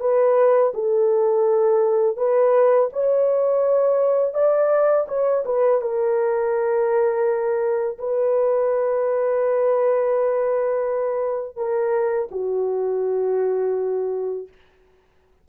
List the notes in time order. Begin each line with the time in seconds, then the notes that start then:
0.00 B4
0.74 A4
2.17 B4
2.93 C#5
4.34 D5
5.08 C#5
5.45 B4
5.81 A#4
7.98 B4
11.57 A#4
12.31 F#4